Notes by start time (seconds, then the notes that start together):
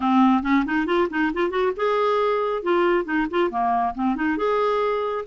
0.00 C4
0.42 C#4
0.65 D#4
0.86 F4
1.10 D#4
1.33 F4
1.50 F#4
1.76 G#4
2.62 F4
3.04 D#4
3.30 F4
3.50 A#3
3.94 C4
4.15 D#4
4.37 G#4